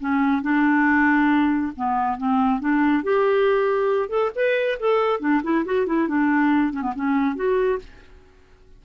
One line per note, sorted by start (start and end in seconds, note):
0.00 0.42 C#4
0.42 1.73 D4
1.76 2.17 B3
2.17 2.60 C4
2.60 3.03 D4
3.03 4.09 G4
4.09 4.31 A4
4.35 4.78 B4
4.79 5.20 A4
5.20 5.42 D4
5.43 5.65 E4
5.65 5.87 F#4
5.87 6.08 E4
6.08 6.73 D4
6.73 6.82 C#4
6.82 6.93 B3
6.95 7.35 C#4
7.35 7.79 F#4